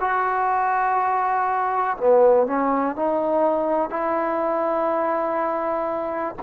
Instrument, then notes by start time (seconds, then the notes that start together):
trombone
0.00 F#4
1.97 B3
2.46 C#4
2.95 D#4
3.89 E4